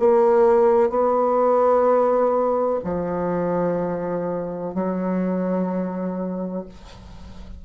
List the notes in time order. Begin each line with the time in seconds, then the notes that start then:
0.00 A#3
0.90 B3
2.84 F3
4.74 F#3